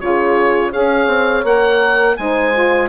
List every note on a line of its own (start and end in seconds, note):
0.00 0.73 C#3
0.00 0.72 F4
0.00 0.70 G#4
0.00 0.72 C#5
0.70 1.07 C#4
0.70 1.44 G#4
0.70 2.15 C#5
0.70 1.45 F5
1.07 1.43 C4
1.44 2.16 A#3
1.44 2.17 A#4
1.44 2.17 F#5
2.17 2.89 G#3
2.17 2.54 D#4
2.17 2.89 C5
2.17 2.89 G#5
2.54 2.89 F4